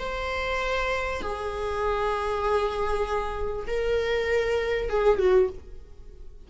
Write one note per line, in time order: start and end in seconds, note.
0.00 1.22 C5
1.22 3.67 G#4
3.67 4.90 A#4
4.90 5.19 G#4
5.19 5.50 F#4